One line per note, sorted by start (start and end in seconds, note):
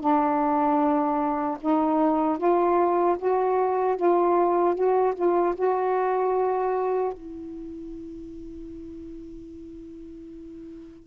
0.00 1.58 D4
1.60 2.38 D#4
2.38 3.17 F4
3.19 3.97 F#4
3.97 4.75 F4
4.75 5.15 F#4
5.15 5.55 F4
5.56 7.13 F#4
7.13 11.07 E4